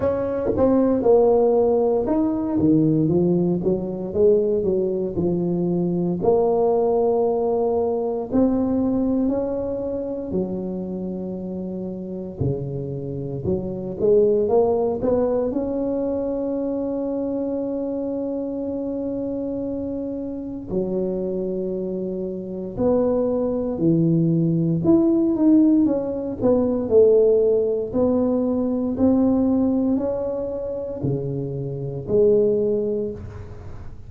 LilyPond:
\new Staff \with { instrumentName = "tuba" } { \time 4/4 \tempo 4 = 58 cis'8 c'8 ais4 dis'8 dis8 f8 fis8 | gis8 fis8 f4 ais2 | c'4 cis'4 fis2 | cis4 fis8 gis8 ais8 b8 cis'4~ |
cis'1 | fis2 b4 e4 | e'8 dis'8 cis'8 b8 a4 b4 | c'4 cis'4 cis4 gis4 | }